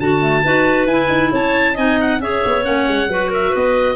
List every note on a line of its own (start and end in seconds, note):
0.00 0.44 D3
0.00 0.20 F#4
0.00 0.43 F#4
0.00 0.87 A5
0.20 0.43 A3
0.43 0.86 D#4
0.43 0.89 F#4
0.43 1.32 B4
0.86 1.08 E4
0.86 1.76 E4
0.86 1.31 G#5
1.09 1.31 D#4
1.32 1.77 C#4
1.32 1.74 C#5
1.32 1.77 A5
1.74 2.20 C4
1.74 2.20 D#4
1.74 2.18 D#5
1.74 2.00 G#5
2.01 2.21 F#5
2.20 2.42 C#4
2.20 2.62 G#4
2.20 3.10 C#5
2.20 2.65 E5
2.45 2.66 B3
2.62 2.88 A#3
2.62 3.07 C#4
2.62 3.31 F#5
2.88 3.08 G#3
3.08 3.52 F#3
3.08 3.96 F#4
3.08 3.30 B4
3.30 3.50 A#4
3.30 3.55 E5
3.50 3.96 B3
3.50 3.95 B4
3.50 3.96 D#5